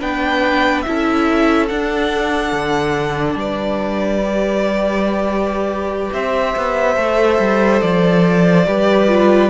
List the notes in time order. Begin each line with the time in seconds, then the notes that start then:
0.00 B3 D4 B4 G5
0.82 C#4 E4 E5
0.88 A4
1.68 D4 F#5
2.52 D3
3.35 G3 B4 D5
4.23 G4
6.13 C4 C5 E5
6.56 B3
6.96 A3 A4
7.39 G3
7.81 F3 D5
8.67 G3 G4 B4
9.08 F4